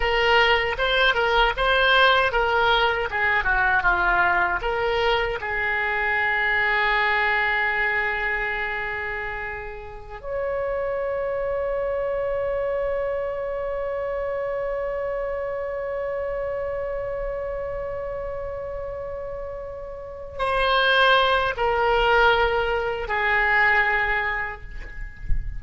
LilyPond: \new Staff \with { instrumentName = "oboe" } { \time 4/4 \tempo 4 = 78 ais'4 c''8 ais'8 c''4 ais'4 | gis'8 fis'8 f'4 ais'4 gis'4~ | gis'1~ | gis'4~ gis'16 cis''2~ cis''8.~ |
cis''1~ | cis''1~ | cis''2~ cis''8 c''4. | ais'2 gis'2 | }